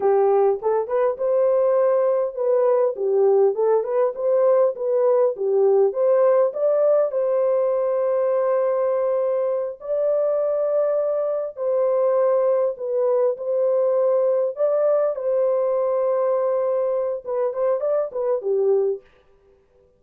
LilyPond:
\new Staff \with { instrumentName = "horn" } { \time 4/4 \tempo 4 = 101 g'4 a'8 b'8 c''2 | b'4 g'4 a'8 b'8 c''4 | b'4 g'4 c''4 d''4 | c''1~ |
c''8 d''2. c''8~ | c''4. b'4 c''4.~ | c''8 d''4 c''2~ c''8~ | c''4 b'8 c''8 d''8 b'8 g'4 | }